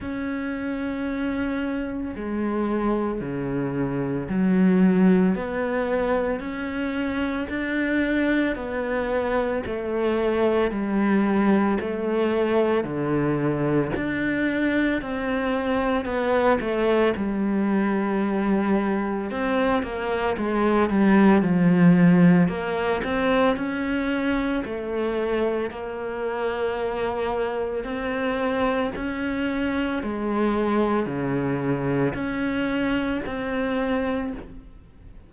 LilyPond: \new Staff \with { instrumentName = "cello" } { \time 4/4 \tempo 4 = 56 cis'2 gis4 cis4 | fis4 b4 cis'4 d'4 | b4 a4 g4 a4 | d4 d'4 c'4 b8 a8 |
g2 c'8 ais8 gis8 g8 | f4 ais8 c'8 cis'4 a4 | ais2 c'4 cis'4 | gis4 cis4 cis'4 c'4 | }